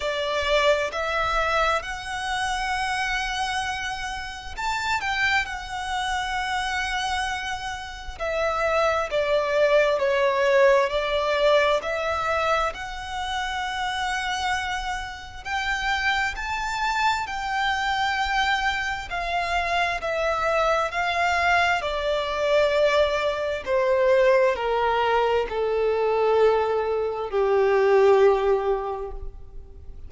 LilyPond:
\new Staff \with { instrumentName = "violin" } { \time 4/4 \tempo 4 = 66 d''4 e''4 fis''2~ | fis''4 a''8 g''8 fis''2~ | fis''4 e''4 d''4 cis''4 | d''4 e''4 fis''2~ |
fis''4 g''4 a''4 g''4~ | g''4 f''4 e''4 f''4 | d''2 c''4 ais'4 | a'2 g'2 | }